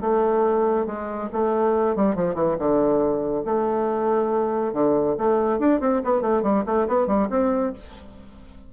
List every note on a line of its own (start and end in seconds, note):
0.00 0.86 A3
0.86 1.29 G#3
1.32 1.95 A3
1.95 2.15 G3
2.15 2.34 F3
2.34 2.56 E3
2.58 3.44 D3
3.44 4.73 A3
4.73 5.15 D3
5.17 5.59 A3
5.59 5.80 D4
5.80 6.01 C4
6.04 6.21 B3
6.21 6.42 A3
6.42 6.64 G3
6.65 6.87 A3
6.87 7.07 B3
7.07 7.28 G3
7.30 7.72 C4